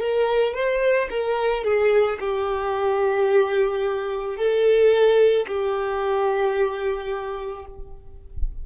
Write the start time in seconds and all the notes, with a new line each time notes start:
0.00 A#4
0.54 C5
1.10 A#4
1.64 G#4
2.20 G4
4.37 A4
5.47 G4